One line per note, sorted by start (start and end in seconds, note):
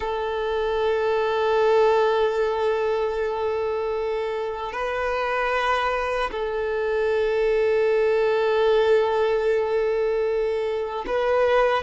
0.00 4.72 A4
4.72 6.30 B4
6.31 11.05 A4
11.06 11.82 B4